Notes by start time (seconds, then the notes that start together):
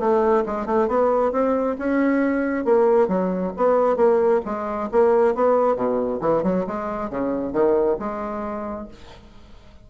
0.00 A3
0.46 G#3
0.66 A3
0.89 B3
1.33 C4
1.79 C#4
2.65 A#3
3.08 F#3
3.57 B3
3.97 A#3
4.45 G#3
4.92 A#3
5.35 B3
5.76 B2
6.21 E3
6.44 F#3
6.67 G#3
7.10 C#3
7.53 D#3
8.00 G#3